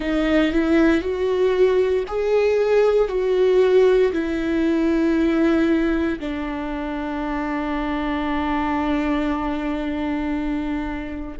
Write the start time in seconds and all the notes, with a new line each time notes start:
0.00 D#4
0.52 E4
1.01 F#4
2.07 G#4
3.08 F#4
4.12 E4
6.19 D4